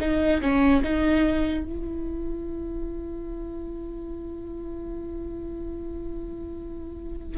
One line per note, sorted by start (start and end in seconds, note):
0.00 0.41 D#4
0.41 0.83 C#4
0.84 1.64 D#4
1.64 7.37 E4